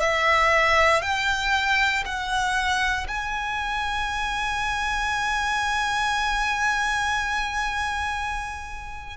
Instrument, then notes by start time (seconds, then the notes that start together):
violin
0.00 E5
1.02 G5
2.05 F#5
3.08 G#5